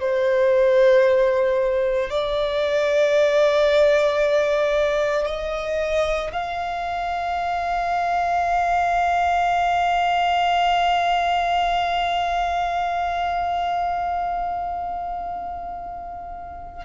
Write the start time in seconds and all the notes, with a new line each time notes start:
0.00 C5
2.10 D5
5.26 D#5
6.33 F5